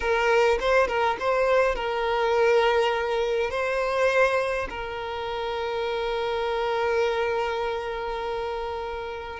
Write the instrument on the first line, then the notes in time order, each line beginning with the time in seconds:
violin
0.00 A#4
0.60 C5
0.87 A#4
1.19 C5
1.75 A#4
3.50 C5
4.69 A#4